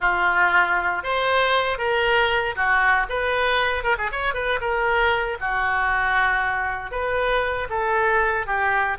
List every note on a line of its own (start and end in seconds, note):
0.00 1.03 F4
1.03 1.78 C5
1.78 2.55 A#4
2.55 3.06 F#4
3.09 3.83 B4
3.83 3.96 A#4
3.97 4.10 G#4
4.11 4.34 C#5
4.34 4.59 B4
4.60 5.37 A#4
5.40 6.91 F#4
6.91 7.68 B4
7.69 8.46 A4
8.46 8.97 G4